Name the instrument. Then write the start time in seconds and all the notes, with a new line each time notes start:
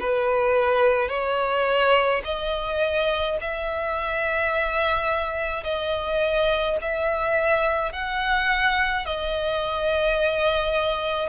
violin
0.00 B4
1.09 C#5
2.24 D#5
3.41 E5
5.63 D#5
6.81 E5
7.92 F#5
9.06 D#5